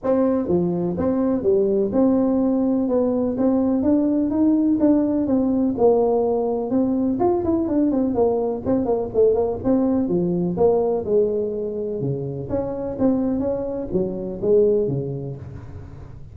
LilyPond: \new Staff \with { instrumentName = "tuba" } { \time 4/4 \tempo 4 = 125 c'4 f4 c'4 g4 | c'2 b4 c'4 | d'4 dis'4 d'4 c'4 | ais2 c'4 f'8 e'8 |
d'8 c'8 ais4 c'8 ais8 a8 ais8 | c'4 f4 ais4 gis4~ | gis4 cis4 cis'4 c'4 | cis'4 fis4 gis4 cis4 | }